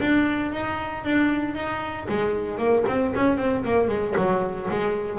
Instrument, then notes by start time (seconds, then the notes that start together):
double bass
0.00 D4
0.52 D#4
1.04 D4
1.54 D#4
2.08 G#3
2.58 A#3
2.87 C4
3.15 C#4
3.37 C4
3.64 A#3
3.88 G#3
4.17 F#3
4.70 G#3